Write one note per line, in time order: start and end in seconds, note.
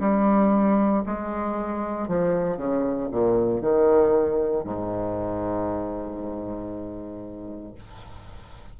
0.00 1.03 G3
1.06 2.08 G#3
2.08 2.57 F3
2.57 3.09 C#3
3.12 3.61 A#2
3.61 4.65 D#3
4.65 7.75 G#2